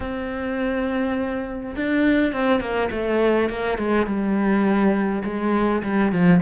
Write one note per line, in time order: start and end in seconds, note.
0.00 1.75 C4
1.76 2.32 D4
2.32 2.60 C4
2.60 2.89 A#3
2.91 3.49 A3
3.49 3.78 A#3
3.78 4.06 G#3
4.06 5.22 G3
5.24 5.82 G#3
5.83 6.11 G3
6.11 6.41 F3